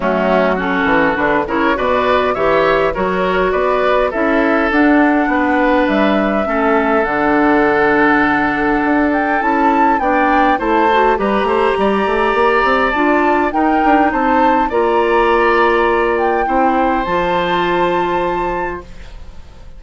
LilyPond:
<<
  \new Staff \with { instrumentName = "flute" } { \time 4/4 \tempo 4 = 102 fis'4 a'4 b'8 cis''8 d''4 | e''4 cis''4 d''4 e''4 | fis''2 e''2 | fis''2.~ fis''8 g''8 |
a''4 g''4 a''4 ais''4~ | ais''2 a''4 g''4 | a''4 ais''2~ ais''8 g''8~ | g''4 a''2. | }
  \new Staff \with { instrumentName = "oboe" } { \time 4/4 cis'4 fis'4. ais'8 b'4 | cis''4 ais'4 b'4 a'4~ | a'4 b'2 a'4~ | a'1~ |
a'4 d''4 c''4 b'8 c''8 | d''2. ais'4 | c''4 d''2. | c''1 | }
  \new Staff \with { instrumentName = "clarinet" } { \time 4/4 a4 cis'4 d'8 e'8 fis'4 | g'4 fis'2 e'4 | d'2. cis'4 | d'1 |
e'4 d'4 e'8 fis'8 g'4~ | g'2 f'4 dis'4~ | dis'4 f'2. | e'4 f'2. | }
  \new Staff \with { instrumentName = "bassoon" } { \time 4/4 fis4. e8 d8 cis8 b,4 | e4 fis4 b4 cis'4 | d'4 b4 g4 a4 | d2. d'4 |
cis'4 b4 a4 g8 a8 | g8 a8 ais8 c'8 d'4 dis'8 d'8 | c'4 ais2. | c'4 f2. | }
>>